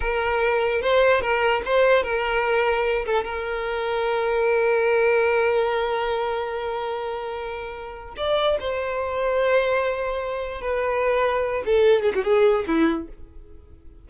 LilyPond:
\new Staff \with { instrumentName = "violin" } { \time 4/4 \tempo 4 = 147 ais'2 c''4 ais'4 | c''4 ais'2~ ais'8 a'8 | ais'1~ | ais'1~ |
ais'1 | d''4 c''2.~ | c''2 b'2~ | b'8 a'4 gis'16 fis'16 gis'4 e'4 | }